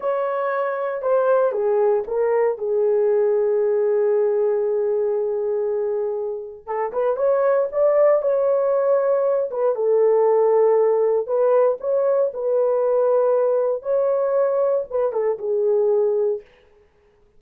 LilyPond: \new Staff \with { instrumentName = "horn" } { \time 4/4 \tempo 4 = 117 cis''2 c''4 gis'4 | ais'4 gis'2.~ | gis'1~ | gis'4 a'8 b'8 cis''4 d''4 |
cis''2~ cis''8 b'8 a'4~ | a'2 b'4 cis''4 | b'2. cis''4~ | cis''4 b'8 a'8 gis'2 | }